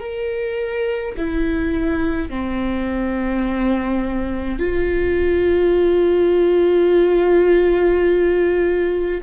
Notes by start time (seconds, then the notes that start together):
0.00 A#4
1.18 E4
2.30 C4
4.60 F4